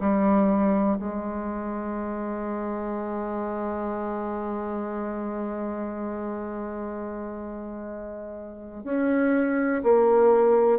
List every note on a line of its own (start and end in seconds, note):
0.00 0.98 G3
0.99 8.83 G#3
8.83 9.82 C#4
9.83 10.79 A#3